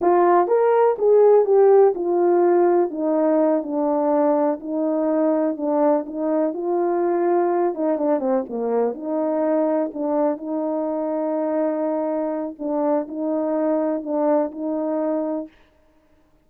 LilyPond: \new Staff \with { instrumentName = "horn" } { \time 4/4 \tempo 4 = 124 f'4 ais'4 gis'4 g'4 | f'2 dis'4. d'8~ | d'4. dis'2 d'8~ | d'8 dis'4 f'2~ f'8 |
dis'8 d'8 c'8 ais4 dis'4.~ | dis'8 d'4 dis'2~ dis'8~ | dis'2 d'4 dis'4~ | dis'4 d'4 dis'2 | }